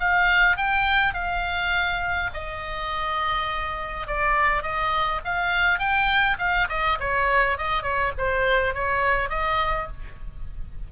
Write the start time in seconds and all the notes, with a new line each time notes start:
0.00 F5
0.57 G5
1.14 F5
2.34 D#5
4.07 D5
4.63 D#5
5.25 F5
5.79 G5
6.39 F5
6.69 D#5
7.00 C#5
7.58 D#5
7.83 C#5
8.18 C5
8.75 C#5
9.30 D#5